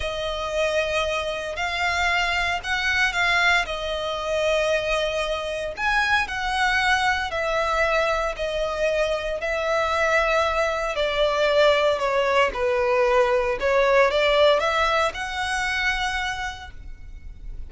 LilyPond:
\new Staff \with { instrumentName = "violin" } { \time 4/4 \tempo 4 = 115 dis''2. f''4~ | f''4 fis''4 f''4 dis''4~ | dis''2. gis''4 | fis''2 e''2 |
dis''2 e''2~ | e''4 d''2 cis''4 | b'2 cis''4 d''4 | e''4 fis''2. | }